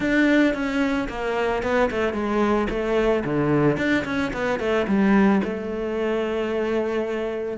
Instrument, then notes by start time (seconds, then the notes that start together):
cello
0.00 D4
0.54 C#4
1.08 A#3
1.62 B3
1.90 A3
2.13 G#3
2.69 A3
3.24 D3
3.77 D4
4.04 C#4
4.33 B3
4.59 A3
4.87 G3
5.43 A3